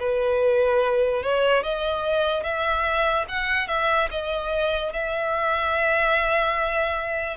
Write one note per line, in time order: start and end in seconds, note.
0.00 1.23 B4
1.23 1.64 C#5
1.64 2.44 D#5
2.44 3.26 E5
3.29 3.68 F#5
3.68 4.09 E5
4.11 4.94 D#5
4.94 7.37 E5